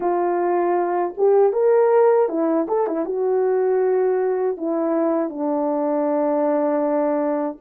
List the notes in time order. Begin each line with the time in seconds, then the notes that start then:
0.00 F4
1.17 G4
1.52 A#4
2.28 E4
2.68 A4
2.87 E4
3.05 F#4
4.57 E4
5.29 D4